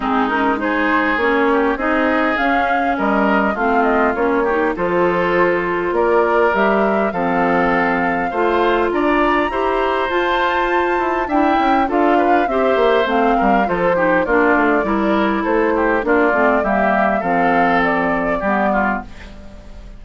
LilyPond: <<
  \new Staff \with { instrumentName = "flute" } { \time 4/4 \tempo 4 = 101 gis'8 ais'8 c''4 cis''4 dis''4 | f''4 dis''4 f''8 dis''8 cis''4 | c''2 d''4 e''4 | f''2. ais''4~ |
ais''4 a''2 g''4 | f''4 e''4 f''4 c''4 | d''2 c''4 d''4 | e''4 f''4 d''2 | }
  \new Staff \with { instrumentName = "oboe" } { \time 4/4 dis'4 gis'4. g'8 gis'4~ | gis'4 ais'4 f'4. g'8 | a'2 ais'2 | a'2 c''4 d''4 |
c''2. e''4 | a'8 b'8 c''4. ais'8 a'8 g'8 | f'4 ais'4 a'8 g'8 f'4 | g'4 a'2 g'8 f'8 | }
  \new Staff \with { instrumentName = "clarinet" } { \time 4/4 c'8 cis'8 dis'4 cis'4 dis'4 | cis'2 c'4 cis'8 dis'8 | f'2. g'4 | c'2 f'2 |
g'4 f'2 e'4 | f'4 g'4 c'4 f'8 dis'8 | d'4 e'2 d'8 c'8 | ais4 c'2 b4 | }
  \new Staff \with { instrumentName = "bassoon" } { \time 4/4 gis2 ais4 c'4 | cis'4 g4 a4 ais4 | f2 ais4 g4 | f2 a4 d'4 |
e'4 f'4. e'8 d'8 cis'8 | d'4 c'8 ais8 a8 g8 f4 | ais8 a8 g4 a4 ais8 a8 | g4 f2 g4 | }
>>